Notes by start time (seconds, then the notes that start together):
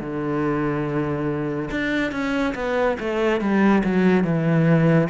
0.00 D3
1.71 D4
2.11 C#4
2.54 B3
2.99 A3
3.40 G3
3.83 F#3
4.24 E3